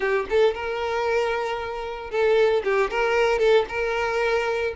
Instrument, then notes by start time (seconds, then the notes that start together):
violin
0.00 G4
0.29 A4
0.54 A#4
2.10 A4
2.64 G4
2.90 A#4
3.39 A4
3.68 A#4